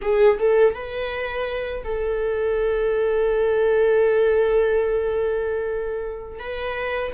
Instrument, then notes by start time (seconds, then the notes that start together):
viola
0.01 G#4
0.39 A4
0.74 B4
1.84 A4
6.39 B4